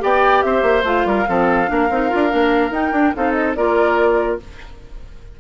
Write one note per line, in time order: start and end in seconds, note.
0.00 0.44 B3
0.00 0.83 G4
0.00 0.45 D5
0.00 0.43 G5
0.43 0.63 C4
0.43 1.08 C5
0.43 0.84 E5
0.63 0.84 A#3
0.84 1.05 A3
0.84 1.27 F4
0.84 2.74 F5
1.06 1.27 G3
1.06 1.29 A#4
1.27 1.71 F3
1.27 1.68 C4
1.27 1.70 A4
1.68 1.91 A#3
1.68 1.88 D4
1.68 3.17 A#4
1.91 2.11 C4
1.91 2.10 D#4
2.10 2.34 D4
2.10 2.29 F4
2.29 2.71 A#3
2.29 2.71 D4
2.71 2.92 D#4
2.71 2.93 D#4
2.71 3.16 G5
2.92 3.13 D4
2.92 3.14 D4
3.16 3.57 C4
3.16 3.57 D#4
3.16 3.57 A4
3.16 3.33 F5
3.33 3.53 D#5
3.56 4.41 A#3
3.56 4.40 F4
3.56 4.41 A#4
3.56 4.39 D5